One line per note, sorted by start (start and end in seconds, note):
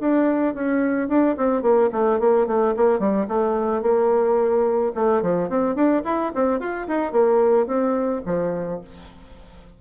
0.00 0.54 D4
0.54 1.08 C#4
1.08 1.36 D4
1.37 1.62 C4
1.62 1.89 A#3
1.92 2.19 A3
2.19 2.47 A#3
2.47 2.74 A3
2.76 2.99 A#3
2.99 3.27 G3
3.28 3.82 A3
3.82 4.92 A#3
4.94 5.22 A3
5.22 5.49 F3
5.49 5.75 C4
5.75 6.03 D4
6.04 6.32 E4
6.35 6.60 C4
6.60 6.87 F4
6.87 7.12 D#4
7.12 7.67 A#3
7.67 8.22 C4
8.25 8.80 F3